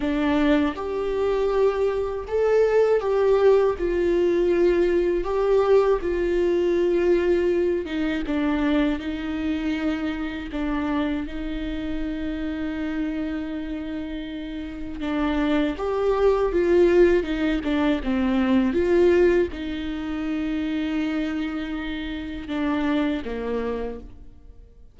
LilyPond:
\new Staff \with { instrumentName = "viola" } { \time 4/4 \tempo 4 = 80 d'4 g'2 a'4 | g'4 f'2 g'4 | f'2~ f'8 dis'8 d'4 | dis'2 d'4 dis'4~ |
dis'1 | d'4 g'4 f'4 dis'8 d'8 | c'4 f'4 dis'2~ | dis'2 d'4 ais4 | }